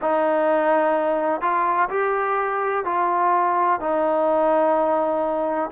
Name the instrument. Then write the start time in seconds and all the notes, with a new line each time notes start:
trombone
0.01 D#4
1.41 F4
1.89 G4
2.84 F4
3.80 D#4